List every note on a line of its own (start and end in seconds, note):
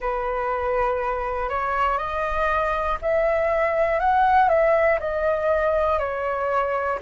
0.00 1.49 B4
1.49 1.97 C#5
1.97 2.97 D#5
3.01 3.99 E5
3.99 4.49 F#5
4.49 4.99 E5
5.00 5.99 D#5
5.99 6.99 C#5